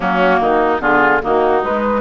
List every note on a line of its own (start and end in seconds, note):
0.00 0.40 F#3
0.00 0.80 A#3
0.00 0.40 C#4
0.00 0.79 F#4
0.40 0.80 D#3
0.40 0.81 D#4
0.80 1.20 D3
0.80 1.20 B3
0.80 1.22 F4
0.80 1.21 G#4
1.21 1.63 D#3
1.21 1.62 A#3
1.21 2.01 D#4
1.21 1.64 F#4
1.63 2.01 G#3
1.63 2.01 B4